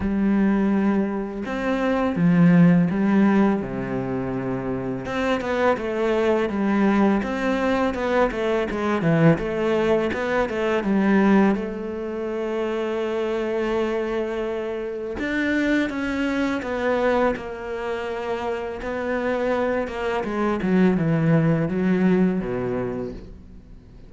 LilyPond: \new Staff \with { instrumentName = "cello" } { \time 4/4 \tempo 4 = 83 g2 c'4 f4 | g4 c2 c'8 b8 | a4 g4 c'4 b8 a8 | gis8 e8 a4 b8 a8 g4 |
a1~ | a4 d'4 cis'4 b4 | ais2 b4. ais8 | gis8 fis8 e4 fis4 b,4 | }